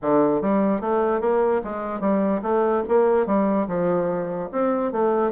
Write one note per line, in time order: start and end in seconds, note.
0.01 0.41 D3
0.41 0.80 G3
0.80 1.20 A3
1.20 1.61 A#3
1.64 2.00 G#3
2.00 2.41 G3
2.42 2.83 A3
2.88 3.26 A#3
3.26 3.67 G3
3.67 4.49 F3
4.52 4.92 C4
4.92 5.31 A3